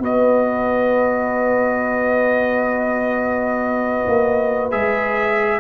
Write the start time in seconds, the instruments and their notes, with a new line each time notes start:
0.00 tuba B3, trombone F#4, horn B4, trumpet D#5
4.08 tuba A#3
4.71 tuba G#3, trombone G#4, trumpet E5